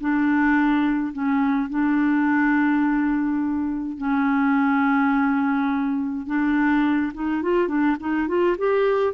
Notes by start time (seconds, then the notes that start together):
0.00 D4
1.12 C#4
1.69 D4
3.97 C#4
6.26 D4
7.14 D#4
7.42 F4
7.68 D4
8.00 D#4
8.28 F4
8.58 G4